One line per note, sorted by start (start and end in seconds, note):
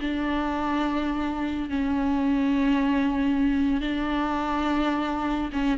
0.00 1.69 D4
1.69 3.81 C#4
3.81 5.51 D4
5.52 5.78 C#4